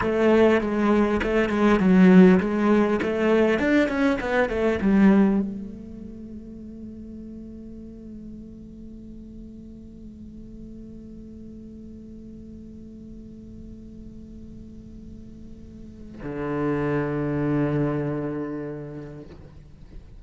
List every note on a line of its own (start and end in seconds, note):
0.01 0.61 A3
0.61 1.21 G#3
1.22 1.49 A3
1.49 1.79 G#3
1.79 2.39 F#3
2.40 3.00 G#3
3.02 3.59 A3
3.59 3.88 D4
3.88 4.18 C#4
4.20 4.49 B3
4.49 4.79 A3
4.81 5.40 G3
5.40 16.20 A3
16.22 19.22 D3